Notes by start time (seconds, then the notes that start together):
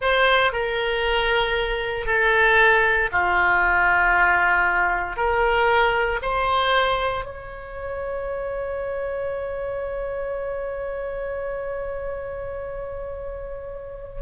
0.01 C5
0.52 A#4
2.05 A4
3.12 F4
5.16 A#4
6.22 C5
7.24 C#5